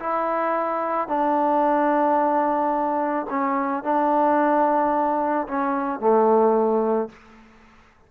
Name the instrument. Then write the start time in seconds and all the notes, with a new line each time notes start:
trombone
0.00 E4
1.08 D4
3.30 C#4
3.84 D4
5.48 C#4
6.00 A3